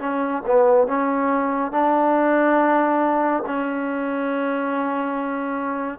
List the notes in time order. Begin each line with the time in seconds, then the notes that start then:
0.00 C#4
0.46 B3
0.87 C#4
1.72 D4
3.46 C#4